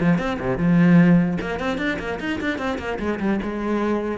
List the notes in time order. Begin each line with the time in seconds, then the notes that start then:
0.00 F3
0.18 C4
0.39 C3
0.57 F3
1.41 A#3
1.59 C4
1.78 D4
1.99 A#3
2.19 D#4
2.40 D4
2.58 C4
2.79 A#3
2.99 G#3
3.20 G3
3.42 G#3